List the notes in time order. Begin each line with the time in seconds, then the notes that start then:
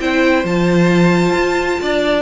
0.00 C4 E4 C5 G5
0.43 F3 F4 A5
1.33 F4
1.81 D4 D5